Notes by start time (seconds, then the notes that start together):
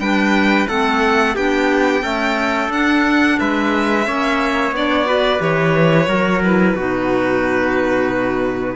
0.00 G3 D4 B4 G5
0.69 A3 C4 A4 F#5
1.36 B3 D4 G4 G5
2.03 A3 C#4 A4
2.69 D4 F#5
3.40 G#3 B4 E5
4.06 A#3 C#4 C#5
4.72 B3 D4 D5
5.06 F#4 B4
5.39 E3 G4 C#5
6.08 F#3 F#4 A#4
6.43 E4 B4
6.75 B2 D#4 F#4